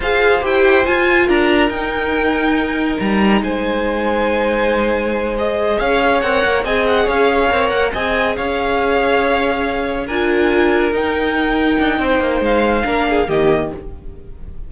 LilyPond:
<<
  \new Staff \with { instrumentName = "violin" } { \time 4/4 \tempo 4 = 140 f''4 g''4 gis''4 ais''4 | g''2. ais''4 | gis''1~ | gis''8 dis''4 f''4 fis''4 gis''8 |
fis''8 f''4. fis''8 gis''4 f''8~ | f''2.~ f''8 gis''8~ | gis''4. g''2~ g''8~ | g''4 f''2 dis''4 | }
  \new Staff \with { instrumentName = "violin" } { \time 4/4 c''2. ais'4~ | ais'1 | c''1~ | c''4. cis''2 dis''8~ |
dis''8 cis''2 dis''4 cis''8~ | cis''2.~ cis''8 ais'8~ | ais'1 | c''2 ais'8 gis'8 g'4 | }
  \new Staff \with { instrumentName = "viola" } { \time 4/4 gis'4 g'4 f'2 | dis'1~ | dis'1~ | dis'8 gis'2 ais'4 gis'8~ |
gis'4. ais'4 gis'4.~ | gis'2.~ gis'8 f'8~ | f'4. dis'2~ dis'8~ | dis'2 d'4 ais4 | }
  \new Staff \with { instrumentName = "cello" } { \time 4/4 f'4 e'4 f'4 d'4 | dis'2. g4 | gis1~ | gis4. cis'4 c'8 ais8 c'8~ |
c'8 cis'4 c'8 ais8 c'4 cis'8~ | cis'2.~ cis'8 d'8~ | d'4. dis'2 d'8 | c'8 ais8 gis4 ais4 dis4 | }
>>